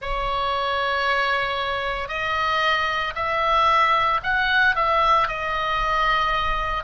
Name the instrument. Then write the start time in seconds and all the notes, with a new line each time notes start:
oboe
0.01 C#5
2.08 D#5
3.15 E5
4.23 F#5
4.75 E5
5.27 D#5